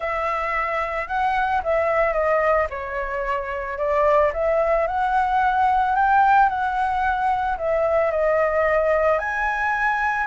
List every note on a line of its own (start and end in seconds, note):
0.00 1.07 E5
1.07 1.61 F#5
1.63 2.13 E5
2.13 2.67 D#5
2.70 3.78 C#5
3.78 4.32 D5
4.33 4.87 E5
4.87 5.95 F#5
5.95 6.49 G5
6.49 7.57 F#5
7.57 8.11 E5
8.11 9.18 D#5
9.18 10.26 G#5